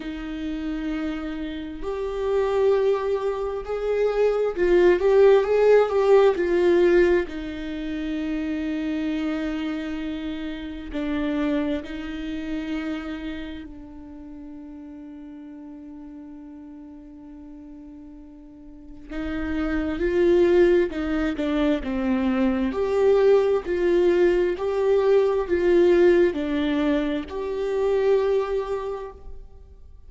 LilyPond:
\new Staff \with { instrumentName = "viola" } { \time 4/4 \tempo 4 = 66 dis'2 g'2 | gis'4 f'8 g'8 gis'8 g'8 f'4 | dis'1 | d'4 dis'2 d'4~ |
d'1~ | d'4 dis'4 f'4 dis'8 d'8 | c'4 g'4 f'4 g'4 | f'4 d'4 g'2 | }